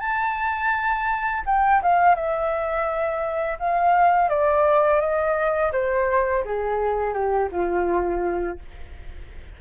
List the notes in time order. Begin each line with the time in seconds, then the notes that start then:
0.00 A5
1.46 G5
1.82 F5
2.16 E5
3.59 F5
4.30 D5
5.01 D#5
5.73 C5
6.45 G#4
7.14 G4
7.52 F4